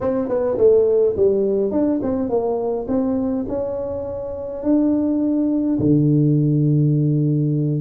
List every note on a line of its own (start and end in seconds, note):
0.00 0.28 C4
0.28 0.57 B3
0.57 1.15 A3
1.16 1.71 G3
1.71 2.00 D4
2.02 2.29 C4
2.29 2.86 A#3
2.87 3.45 C4
3.48 4.63 C#4
4.63 5.78 D4
5.79 7.81 D3